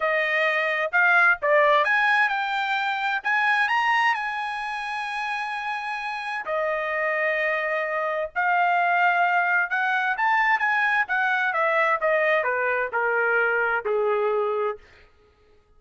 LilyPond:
\new Staff \with { instrumentName = "trumpet" } { \time 4/4 \tempo 4 = 130 dis''2 f''4 d''4 | gis''4 g''2 gis''4 | ais''4 gis''2.~ | gis''2 dis''2~ |
dis''2 f''2~ | f''4 fis''4 a''4 gis''4 | fis''4 e''4 dis''4 b'4 | ais'2 gis'2 | }